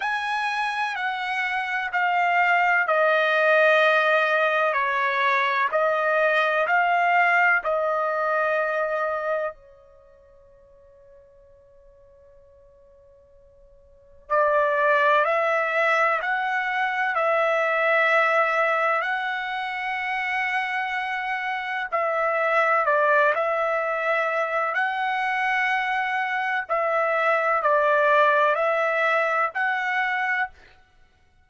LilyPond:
\new Staff \with { instrumentName = "trumpet" } { \time 4/4 \tempo 4 = 63 gis''4 fis''4 f''4 dis''4~ | dis''4 cis''4 dis''4 f''4 | dis''2 cis''2~ | cis''2. d''4 |
e''4 fis''4 e''2 | fis''2. e''4 | d''8 e''4. fis''2 | e''4 d''4 e''4 fis''4 | }